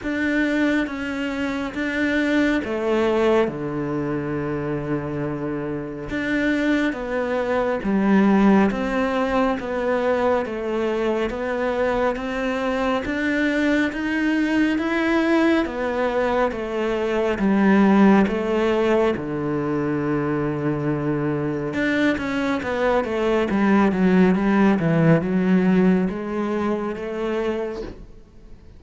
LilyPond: \new Staff \with { instrumentName = "cello" } { \time 4/4 \tempo 4 = 69 d'4 cis'4 d'4 a4 | d2. d'4 | b4 g4 c'4 b4 | a4 b4 c'4 d'4 |
dis'4 e'4 b4 a4 | g4 a4 d2~ | d4 d'8 cis'8 b8 a8 g8 fis8 | g8 e8 fis4 gis4 a4 | }